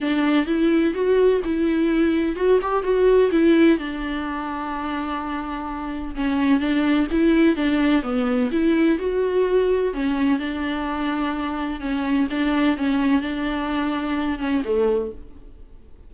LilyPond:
\new Staff \with { instrumentName = "viola" } { \time 4/4 \tempo 4 = 127 d'4 e'4 fis'4 e'4~ | e'4 fis'8 g'8 fis'4 e'4 | d'1~ | d'4 cis'4 d'4 e'4 |
d'4 b4 e'4 fis'4~ | fis'4 cis'4 d'2~ | d'4 cis'4 d'4 cis'4 | d'2~ d'8 cis'8 a4 | }